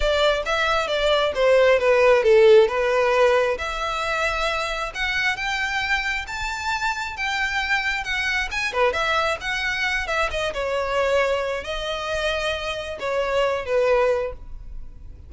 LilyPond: \new Staff \with { instrumentName = "violin" } { \time 4/4 \tempo 4 = 134 d''4 e''4 d''4 c''4 | b'4 a'4 b'2 | e''2. fis''4 | g''2 a''2 |
g''2 fis''4 gis''8 b'8 | e''4 fis''4. e''8 dis''8 cis''8~ | cis''2 dis''2~ | dis''4 cis''4. b'4. | }